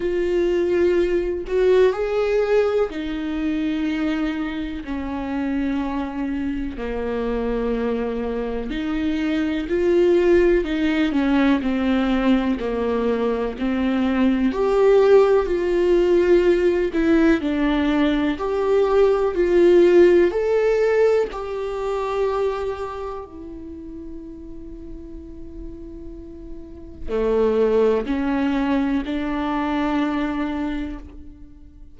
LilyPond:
\new Staff \with { instrumentName = "viola" } { \time 4/4 \tempo 4 = 62 f'4. fis'8 gis'4 dis'4~ | dis'4 cis'2 ais4~ | ais4 dis'4 f'4 dis'8 cis'8 | c'4 ais4 c'4 g'4 |
f'4. e'8 d'4 g'4 | f'4 a'4 g'2 | e'1 | a4 cis'4 d'2 | }